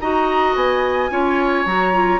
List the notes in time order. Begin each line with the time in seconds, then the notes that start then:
0.00 D#4 F#4 D#5 A#5
0.55 B3 G#5
1.10 C#4 F4 C#5
1.66 F#3 F#4 A#5
1.93 F4